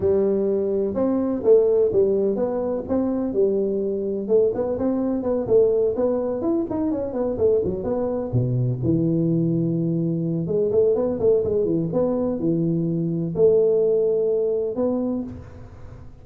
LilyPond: \new Staff \with { instrumentName = "tuba" } { \time 4/4 \tempo 4 = 126 g2 c'4 a4 | g4 b4 c'4 g4~ | g4 a8 b8 c'4 b8 a8~ | a8 b4 e'8 dis'8 cis'8 b8 a8 |
fis8 b4 b,4 e4.~ | e2 gis8 a8 b8 a8 | gis8 e8 b4 e2 | a2. b4 | }